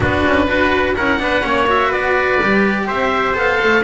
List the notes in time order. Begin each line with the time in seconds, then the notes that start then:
0.00 B3 D4 F#4 B4
0.26 C#4
0.47 D4 F#4 B4
0.96 C#4 E4 A#4 F#5
1.19 B3 D4 B4
1.42 A#3 C#4 C#5
1.67 F#4 E5
1.88 B3 B4 D5
2.42 G3 G4
2.86 C4 C5 E5
3.34 B3 A4 F5
3.63 A3